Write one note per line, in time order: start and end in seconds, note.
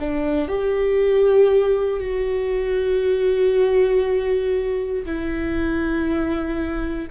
0.00 0.49 D4
0.49 2.00 G4
2.00 5.05 F#4
5.06 7.09 E4